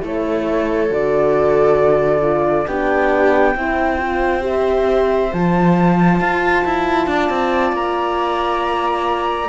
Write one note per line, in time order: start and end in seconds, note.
0.00 0.90 A3
0.00 0.88 E4
0.00 2.67 A4
0.00 0.93 C#5
0.90 2.66 D3
0.90 2.21 F#4
0.90 2.67 D5
2.21 2.65 F4
2.67 3.55 B3
2.67 3.56 D4
2.67 3.56 G4
2.67 4.43 G5
3.55 5.31 C4
3.55 3.99 E4
3.55 7.09 C5
3.99 4.41 F4
4.41 5.29 G4
4.41 5.32 E5
5.32 6.20 F3
5.32 9.49 F4
5.32 7.75 A5
6.20 6.64 F4
6.65 7.07 E4
7.07 7.29 D4
7.07 9.49 D5
7.29 7.72 C4
7.72 9.48 A#3
7.72 9.49 A#5